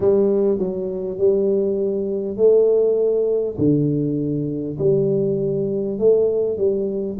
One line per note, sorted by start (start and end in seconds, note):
0.00 0.58 G3
0.58 1.18 F#3
1.18 2.37 G3
2.37 3.57 A3
3.57 4.77 D3
4.78 5.98 G3
5.98 6.57 A3
6.57 7.17 G3